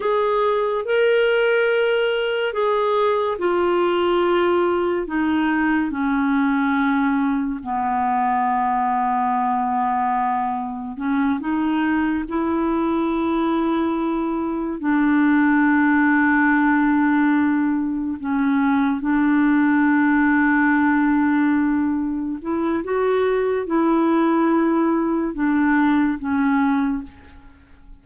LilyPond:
\new Staff \with { instrumentName = "clarinet" } { \time 4/4 \tempo 4 = 71 gis'4 ais'2 gis'4 | f'2 dis'4 cis'4~ | cis'4 b2.~ | b4 cis'8 dis'4 e'4.~ |
e'4. d'2~ d'8~ | d'4. cis'4 d'4.~ | d'2~ d'8 e'8 fis'4 | e'2 d'4 cis'4 | }